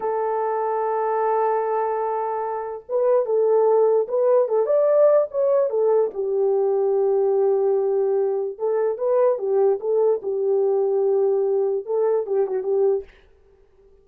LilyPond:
\new Staff \with { instrumentName = "horn" } { \time 4/4 \tempo 4 = 147 a'1~ | a'2. b'4 | a'2 b'4 a'8 d''8~ | d''4 cis''4 a'4 g'4~ |
g'1~ | g'4 a'4 b'4 g'4 | a'4 g'2.~ | g'4 a'4 g'8 fis'8 g'4 | }